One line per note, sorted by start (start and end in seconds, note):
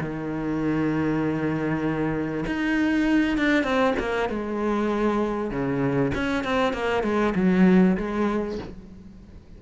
0.00 2.45 D#3
2.46 3.38 D#4
3.38 3.63 D4
3.63 3.94 C4
3.99 4.29 A#3
4.29 5.51 G#3
5.51 6.12 C#3
6.14 6.44 C#4
6.44 6.73 C4
6.73 7.03 A#3
7.03 7.34 G#3
7.35 7.96 F#3
7.97 8.58 G#3